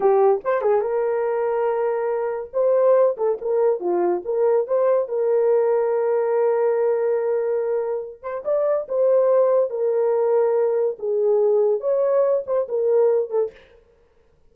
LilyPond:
\new Staff \with { instrumentName = "horn" } { \time 4/4 \tempo 4 = 142 g'4 c''8 gis'8 ais'2~ | ais'2 c''4. a'8 | ais'4 f'4 ais'4 c''4 | ais'1~ |
ais'2.~ ais'8 c''8 | d''4 c''2 ais'4~ | ais'2 gis'2 | cis''4. c''8 ais'4. a'8 | }